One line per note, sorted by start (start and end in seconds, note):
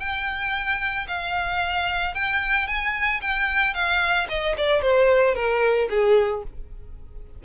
0.00 1.07 G5
1.08 2.15 F5
2.15 2.67 G5
2.67 3.21 G#5
3.21 3.74 G5
3.74 4.28 F5
4.29 4.56 D#5
4.57 4.82 D5
4.82 5.35 C5
5.35 5.89 A#4
5.90 6.44 G#4